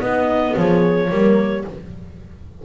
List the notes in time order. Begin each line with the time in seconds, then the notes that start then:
0.00 B3 D#4 D#5
0.56 F3 G#4 C#5
1.09 G3 A#3 A#4